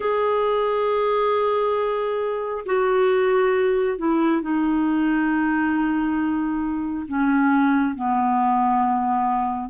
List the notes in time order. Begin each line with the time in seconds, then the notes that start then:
0.00 G#4
2.65 F#4
3.97 E4
4.41 D#4
7.07 C#4
7.95 B3